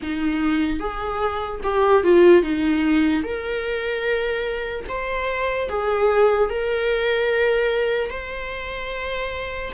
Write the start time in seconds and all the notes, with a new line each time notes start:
0.02 D#4
0.79 G#4
1.63 G4
2.03 F4
2.43 D#4
3.22 A#4
4.88 C5
5.69 G#4
6.49 A#4
8.10 C5